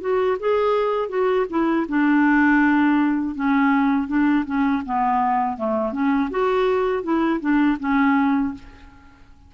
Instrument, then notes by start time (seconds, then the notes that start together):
clarinet
0.00 F#4
0.39 G#4
1.09 F#4
1.49 E4
1.88 D4
3.35 C#4
4.07 D4
4.45 C#4
4.85 B3
5.57 A3
5.92 C#4
6.30 F#4
7.03 E4
7.40 D4
7.79 C#4